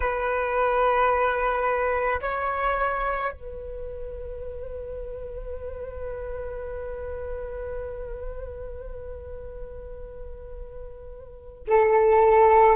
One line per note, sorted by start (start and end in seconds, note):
0.00 2.20 B4
2.21 3.32 C#5
3.32 11.66 B4
11.67 12.76 A4